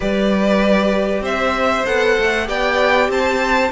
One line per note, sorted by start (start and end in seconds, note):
0.00 1.20 G3
0.00 1.85 G4
0.00 1.22 B4
0.00 1.24 D5
1.20 1.82 C4
1.20 2.46 C5
1.20 1.86 E5
1.86 2.18 B3
1.86 2.45 A4
1.86 2.48 F#5
2.18 2.48 A3
2.45 3.09 B3
2.45 3.68 G4
2.45 3.09 D5
2.45 3.11 G5
3.09 3.70 C4
3.09 3.71 C5
3.09 3.71 A5